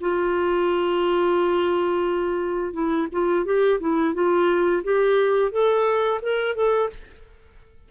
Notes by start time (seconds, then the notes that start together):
0.00 F4
2.73 E4
3.12 F4
3.45 G4
3.80 E4
4.13 F4
4.83 G4
5.51 A4
6.22 A#4
6.55 A4